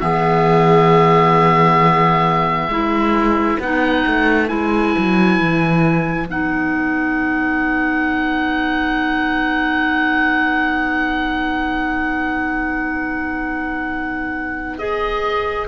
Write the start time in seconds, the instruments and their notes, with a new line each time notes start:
0.00 cello E3, clarinet B3, viola G#4, oboe E5
2.68 cello G#3, clarinet E4, viola B4
3.60 cello B3, clarinet D#4, oboe F#5
4.07 cello A3
4.47 cello G#3, clarinet E4, oboe G#5
4.98 cello F#3
5.40 cello E3
6.27 cello B3, clarinet D#4, oboe F#5
14.78 clarinet G#4, oboe D#5